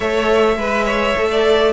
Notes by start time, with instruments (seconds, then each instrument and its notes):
0.00 cello A3, viola A4, violin C#5 E5
0.56 cello G#3, viola B4, violin B4
0.85 violin C#5
1.17 cello A3, viola A4
1.30 violin D5